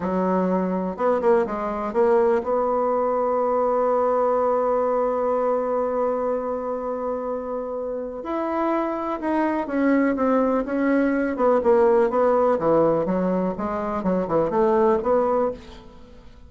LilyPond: \new Staff \with { instrumentName = "bassoon" } { \time 4/4 \tempo 4 = 124 fis2 b8 ais8 gis4 | ais4 b2.~ | b1~ | b1~ |
b4 e'2 dis'4 | cis'4 c'4 cis'4. b8 | ais4 b4 e4 fis4 | gis4 fis8 e8 a4 b4 | }